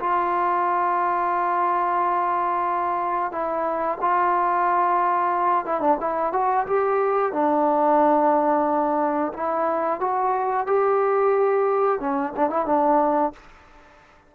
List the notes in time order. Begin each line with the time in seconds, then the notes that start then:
0.00 F4
3.32 E4
4.02 F4
5.66 E4
5.81 D4
6.01 E4
6.33 F#4
6.67 G4
7.33 D4
9.34 E4
10.00 F#4
10.67 G4
12.00 C#4
12.36 D4
12.50 E4
12.66 D4